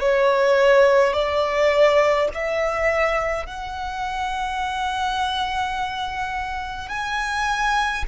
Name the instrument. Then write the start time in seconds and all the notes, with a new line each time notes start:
violin
0.00 C#5
1.13 D5
2.34 E5
3.46 F#5
6.89 G#5